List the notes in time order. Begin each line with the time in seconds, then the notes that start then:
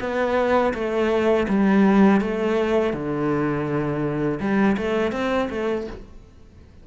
0.00 B3
0.74 A3
1.48 G3
2.21 A3
2.93 D3
4.40 G3
4.77 A3
5.12 C4
5.50 A3